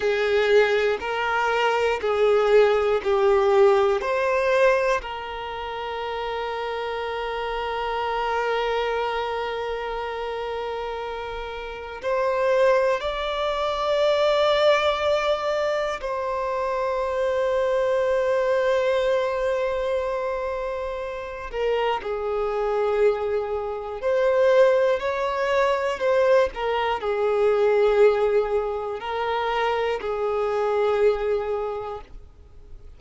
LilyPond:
\new Staff \with { instrumentName = "violin" } { \time 4/4 \tempo 4 = 60 gis'4 ais'4 gis'4 g'4 | c''4 ais'2.~ | ais'1 | c''4 d''2. |
c''1~ | c''4. ais'8 gis'2 | c''4 cis''4 c''8 ais'8 gis'4~ | gis'4 ais'4 gis'2 | }